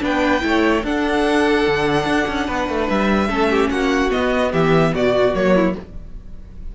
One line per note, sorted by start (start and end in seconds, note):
0.00 0.43 B3
0.00 0.41 D4
0.00 0.44 B4
0.00 0.85 G5
0.41 0.84 A3
0.41 0.82 E4
0.47 0.85 C#5
0.84 1.66 D4
0.84 3.29 D4
0.84 2.47 A4
0.84 2.89 F#5
1.68 2.06 D3
2.06 2.27 D4
2.28 2.48 C#4
2.47 2.68 B3
2.47 3.28 B4
2.68 2.89 A3
2.89 3.29 G3
2.89 3.70 E5
3.29 3.70 A3
3.29 4.10 C#4
3.29 3.49 A4
3.50 3.71 G4
3.70 4.11 A#3
3.70 4.52 F#4
3.70 4.11 F#5
4.10 5.33 B3
4.10 4.53 B3
4.10 4.52 D#5
4.52 4.94 E3
4.52 4.92 G4
4.52 4.94 E5
4.93 5.34 B2
4.93 5.55 F#4
4.93 5.35 D5
5.34 5.75 F#3
5.34 5.75 A#3
5.34 5.75 C#5
5.55 5.76 E4